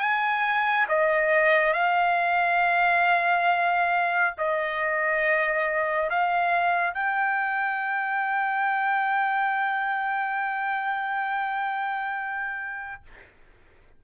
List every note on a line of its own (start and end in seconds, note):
0.00 0.87 G#5
0.89 1.74 D#5
1.74 4.35 F5
4.38 6.10 D#5
6.10 6.94 F5
6.94 13.03 G5